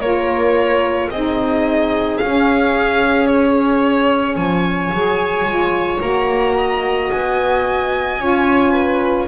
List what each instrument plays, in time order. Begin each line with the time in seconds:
0.00 double bass A#3, saxophone F4, viola A#4, violin C#5
1.11 double bass C4, saxophone D#4, viola G#4, violin D#5
2.18 double bass C#4, saxophone C#4, violin F5
3.27 violin C#5
4.35 double bass F3, viola C#5, violin G#5
4.93 double bass F#3, saxophone G#4
5.45 double bass G#3, saxophone F4
6.01 double bass A#3, saxophone F#4, violin A#5
6.57 viola D#5
7.11 double bass B3, violin G#5
8.19 double bass C#4, saxophone F4, viola C#5
8.71 viola B4